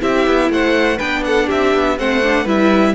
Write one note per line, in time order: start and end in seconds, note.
0.00 0.27 C4
0.00 0.98 E4
0.00 0.51 G4
0.00 0.52 E5
0.27 0.50 B3
0.50 0.99 A3
0.50 0.98 C5
0.50 0.99 F#5
0.98 1.50 B3
0.98 1.97 D4
0.98 1.22 B4
0.98 1.24 G5
1.25 1.47 A4
1.25 1.49 F#5
1.47 1.75 C4
1.47 1.96 G4
1.47 1.99 E5
1.75 1.99 B3
1.97 2.46 A3
1.97 2.22 C4
1.97 2.44 C5
1.97 2.48 F#5
2.23 2.46 D4
2.44 2.95 G3
2.44 2.95 E4
2.44 2.93 B4
2.44 2.95 E5